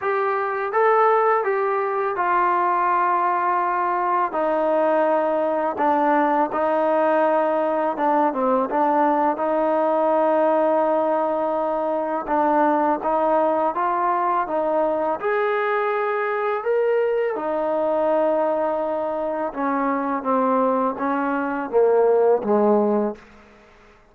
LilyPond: \new Staff \with { instrumentName = "trombone" } { \time 4/4 \tempo 4 = 83 g'4 a'4 g'4 f'4~ | f'2 dis'2 | d'4 dis'2 d'8 c'8 | d'4 dis'2.~ |
dis'4 d'4 dis'4 f'4 | dis'4 gis'2 ais'4 | dis'2. cis'4 | c'4 cis'4 ais4 gis4 | }